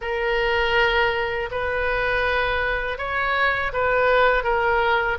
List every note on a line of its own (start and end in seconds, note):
0.01 1.49 A#4
1.51 2.98 B4
2.98 3.72 C#5
3.72 4.43 B4
4.43 5.17 A#4